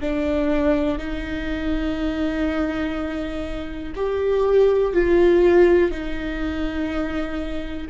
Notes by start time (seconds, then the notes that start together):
0.00 D4
0.98 D#4
3.95 G4
4.93 F4
5.91 D#4